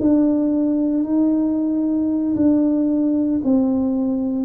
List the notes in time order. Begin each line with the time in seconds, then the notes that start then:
0.00 D4
1.04 D#4
2.35 D4
3.44 C4